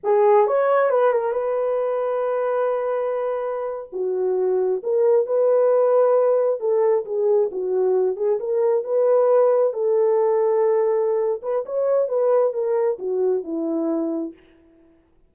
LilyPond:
\new Staff \with { instrumentName = "horn" } { \time 4/4 \tempo 4 = 134 gis'4 cis''4 b'8 ais'8 b'4~ | b'1~ | b'8. fis'2 ais'4 b'16~ | b'2~ b'8. a'4 gis'16~ |
gis'8. fis'4. gis'8 ais'4 b'16~ | b'4.~ b'16 a'2~ a'16~ | a'4. b'8 cis''4 b'4 | ais'4 fis'4 e'2 | }